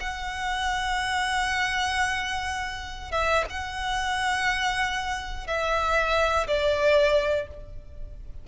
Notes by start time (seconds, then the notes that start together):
0.00 F#5
3.11 E5
3.50 F#5
5.47 E5
6.47 D5